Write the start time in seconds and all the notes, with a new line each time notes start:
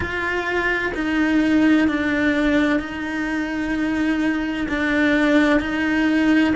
0.00 F4
0.94 D#4
1.87 D4
2.79 D#4
4.68 D4
5.60 D#4